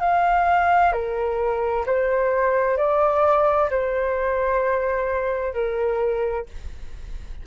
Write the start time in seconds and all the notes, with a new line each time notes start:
0.00 F5
0.92 A#4
1.86 C5
2.77 D5
3.70 C5
5.54 A#4